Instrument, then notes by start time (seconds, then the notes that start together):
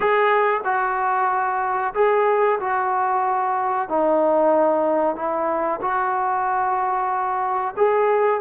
trombone
0.00 G#4
0.64 F#4
1.94 G#4
2.60 F#4
3.89 D#4
5.15 E4
5.81 F#4
7.76 G#4